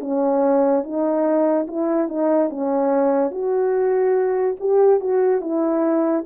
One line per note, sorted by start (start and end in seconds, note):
0.00 0.83 C#4
0.83 1.67 D#4
1.67 2.08 E4
2.08 2.50 D#4
2.50 3.31 C#4
3.31 4.56 F#4
4.59 5.00 G4
5.00 5.41 F#4
5.41 6.24 E4